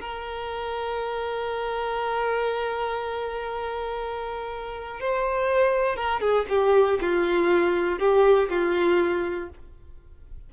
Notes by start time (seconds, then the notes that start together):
0.00 A#4
5.00 C5
5.96 A#4
6.20 G#4
6.49 G4
7.00 F4
7.99 G4
8.49 F4